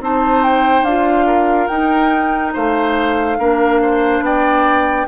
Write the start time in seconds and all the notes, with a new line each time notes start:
0.00 C4 D#4 C5 A5
0.43 G5
0.82 D4 F4 F5
1.26 A#4
1.67 D#4 G5
2.53 A3 C5 F5
3.38 A#3 D4 A#4
3.82 C5
4.21 B3 D5 G5